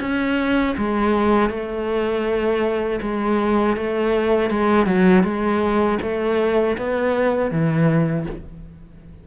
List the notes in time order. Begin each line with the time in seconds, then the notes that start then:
0.00 C#4
0.77 G#3
1.49 A3
3.01 G#3
3.76 A3
4.50 G#3
4.86 F#3
5.23 G#3
6.01 A3
6.77 B3
7.51 E3